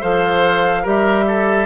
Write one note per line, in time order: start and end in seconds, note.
0.00 0.85 F3
0.00 0.84 A4
0.00 0.83 C5
0.00 0.86 F5
0.83 1.66 G3
0.83 1.66 G4
0.83 1.24 A#4
0.83 1.66 E5
1.27 1.66 A4